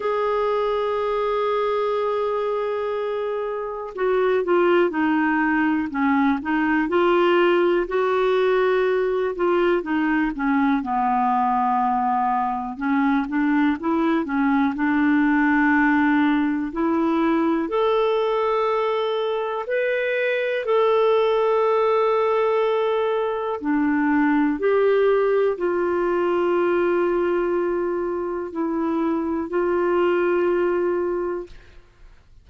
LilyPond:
\new Staff \with { instrumentName = "clarinet" } { \time 4/4 \tempo 4 = 61 gis'1 | fis'8 f'8 dis'4 cis'8 dis'8 f'4 | fis'4. f'8 dis'8 cis'8 b4~ | b4 cis'8 d'8 e'8 cis'8 d'4~ |
d'4 e'4 a'2 | b'4 a'2. | d'4 g'4 f'2~ | f'4 e'4 f'2 | }